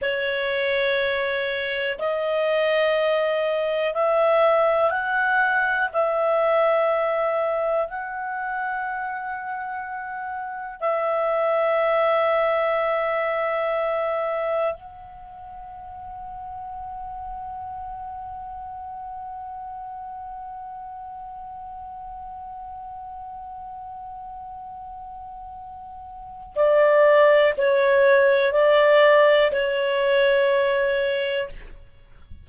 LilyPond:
\new Staff \with { instrumentName = "clarinet" } { \time 4/4 \tempo 4 = 61 cis''2 dis''2 | e''4 fis''4 e''2 | fis''2. e''4~ | e''2. fis''4~ |
fis''1~ | fis''1~ | fis''2. d''4 | cis''4 d''4 cis''2 | }